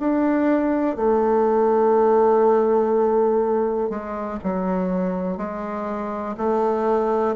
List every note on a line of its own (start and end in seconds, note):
0.00 0.96 D4
0.96 3.90 A3
3.90 4.39 G#3
4.44 5.37 F#3
5.37 6.36 G#3
6.37 7.35 A3